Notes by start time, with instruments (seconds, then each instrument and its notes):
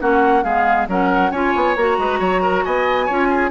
0.00 bassoon A#3, clarinet C#4, oboe F#4, flute F#5
0.44 bassoon G#3, clarinet B3, oboe G#4, flute F5
0.89 bassoon F#3, clarinet C#4, oboe A#4, flute F#5
1.32 bassoon C#4, clarinet F4, oboe C#5, flute G#5
1.56 bassoon B3
1.76 bassoon A#3, clarinet F#4, flute A#5
1.99 bassoon G#3, oboe B4
2.20 bassoon F#3, oboe C#5
2.43 oboe A#4
2.65 bassoon B3, oboe D#5, flute G#5
3.06 bassoon C#4, clarinet F4, oboe C#5
3.30 oboe G#4